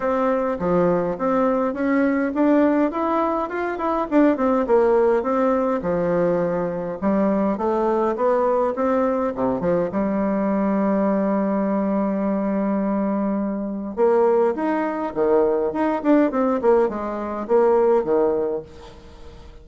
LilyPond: \new Staff \with { instrumentName = "bassoon" } { \time 4/4 \tempo 4 = 103 c'4 f4 c'4 cis'4 | d'4 e'4 f'8 e'8 d'8 c'8 | ais4 c'4 f2 | g4 a4 b4 c'4 |
c8 f8 g2.~ | g1 | ais4 dis'4 dis4 dis'8 d'8 | c'8 ais8 gis4 ais4 dis4 | }